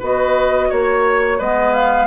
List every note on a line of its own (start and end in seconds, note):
0.00 0.71 B3
0.00 1.40 F#4
0.00 0.69 B4
0.00 0.72 D#5
0.70 1.40 A#3
0.70 1.39 C#5
0.70 1.41 C#5
1.39 2.07 G#3
1.39 2.07 B3
1.39 2.07 B4
1.39 1.74 D#5
1.74 2.07 F5